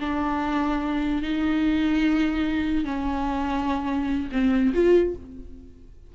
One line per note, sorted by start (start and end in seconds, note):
0.00 1.23 D4
1.23 2.85 D#4
2.85 4.30 C#4
4.32 4.74 C4
4.74 5.16 F4